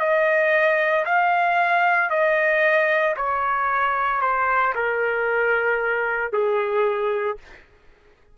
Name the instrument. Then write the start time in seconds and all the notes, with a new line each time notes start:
trumpet
0.00 D#5
1.06 F5
2.11 D#5
3.17 C#5
4.22 C5
4.76 A#4
6.33 G#4